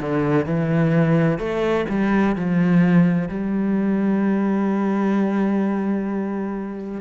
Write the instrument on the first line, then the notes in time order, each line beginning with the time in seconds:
cello
0.00 D3
0.46 E3
1.38 A3
1.89 G3
2.36 F3
3.29 G3